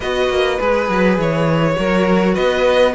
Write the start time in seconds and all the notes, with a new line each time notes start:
0.00 B3 F#4 B4 D#5
0.29 A#3
0.59 G#3 G#4 B4
0.89 F#3
1.17 E3 C#5
1.75 F#3 F#4 A#4
2.34 B3 B4 D#5